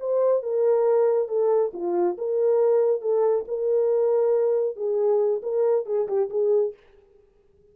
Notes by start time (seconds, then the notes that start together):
0.00 C5
0.43 A#4
1.28 A4
1.74 F4
2.18 A#4
3.02 A4
3.48 A#4
4.76 G#4
5.43 A#4
5.86 G#4
6.08 G4
6.30 G#4